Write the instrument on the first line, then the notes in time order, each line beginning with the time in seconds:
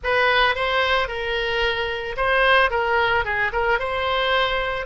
oboe
0.03 B4
0.55 C5
1.08 A#4
2.16 C5
2.70 A#4
3.24 G#4
3.52 A#4
3.79 C5